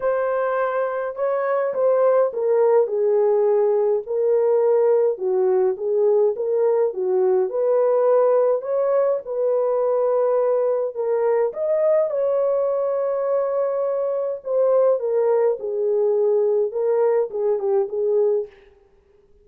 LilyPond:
\new Staff \with { instrumentName = "horn" } { \time 4/4 \tempo 4 = 104 c''2 cis''4 c''4 | ais'4 gis'2 ais'4~ | ais'4 fis'4 gis'4 ais'4 | fis'4 b'2 cis''4 |
b'2. ais'4 | dis''4 cis''2.~ | cis''4 c''4 ais'4 gis'4~ | gis'4 ais'4 gis'8 g'8 gis'4 | }